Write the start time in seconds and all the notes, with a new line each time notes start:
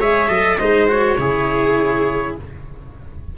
0.00 G#3 G#4 C#5 E5
0.29 F#3 A4 D#5
0.58 G#3 D#4 C5 D#5
0.88 F#4 C#5
1.18 C#3 E4 G#4